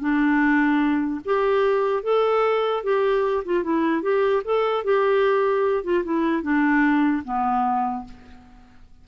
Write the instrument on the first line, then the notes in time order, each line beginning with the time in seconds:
clarinet
0.00 D4
1.25 G4
2.03 A4
2.84 G4
3.45 F4
3.64 E4
4.03 G4
4.45 A4
4.84 G4
5.84 F4
6.04 E4
6.43 D4
7.24 B3